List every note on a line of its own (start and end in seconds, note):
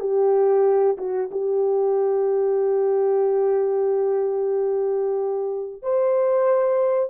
0.00 0.97 G4
0.97 1.29 F#4
1.31 5.82 G4
5.82 7.10 C5